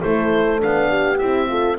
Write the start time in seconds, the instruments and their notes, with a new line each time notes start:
0.00 double bass A3, horn E4 A4, oboe C5
0.59 double bass B3, horn D4, oboe F5
0.89 horn G4
1.18 double bass C4, horn E4, oboe E5
1.48 horn F4 A4